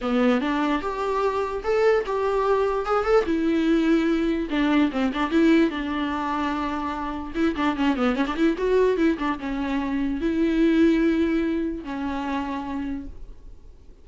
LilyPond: \new Staff \with { instrumentName = "viola" } { \time 4/4 \tempo 4 = 147 b4 d'4 g'2 | a'4 g'2 gis'8 a'8 | e'2. d'4 | c'8 d'8 e'4 d'2~ |
d'2 e'8 d'8 cis'8 b8 | cis'16 d'16 e'8 fis'4 e'8 d'8 cis'4~ | cis'4 e'2.~ | e'4 cis'2. | }